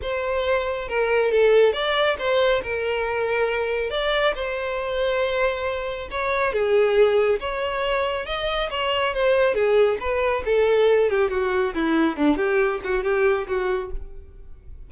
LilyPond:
\new Staff \with { instrumentName = "violin" } { \time 4/4 \tempo 4 = 138 c''2 ais'4 a'4 | d''4 c''4 ais'2~ | ais'4 d''4 c''2~ | c''2 cis''4 gis'4~ |
gis'4 cis''2 dis''4 | cis''4 c''4 gis'4 b'4 | a'4. g'8 fis'4 e'4 | d'8 g'4 fis'8 g'4 fis'4 | }